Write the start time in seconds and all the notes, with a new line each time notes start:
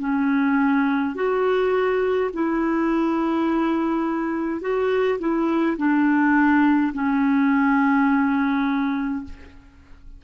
0.00 C#4
1.15 F#4
2.34 E4
4.62 F#4
5.20 E4
5.78 D4
6.94 C#4